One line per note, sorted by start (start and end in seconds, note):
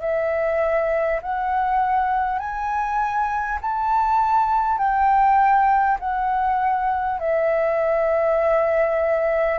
0.00 1.20 E5
1.22 2.38 F#5
2.38 3.58 G#5
3.61 4.77 A5
4.77 5.97 G5
5.99 7.19 F#5
7.19 9.58 E5